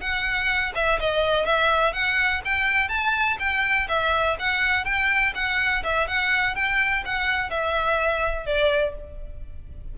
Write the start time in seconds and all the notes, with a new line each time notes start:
0.00 F#5
0.75 E5
1.00 D#5
1.45 E5
1.93 F#5
2.45 G5
2.88 A5
3.39 G5
3.88 E5
4.39 F#5
4.84 G5
5.34 F#5
5.83 E5
6.07 F#5
6.55 G5
7.05 F#5
7.50 E5
8.46 D5